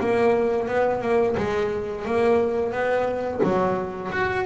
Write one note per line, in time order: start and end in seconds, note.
0.00 0.68 A#3
0.68 1.02 B3
1.02 1.36 A#3
1.37 2.05 G#3
2.05 2.72 A#3
2.72 3.41 B3
3.43 4.11 F#3
4.12 4.45 F#4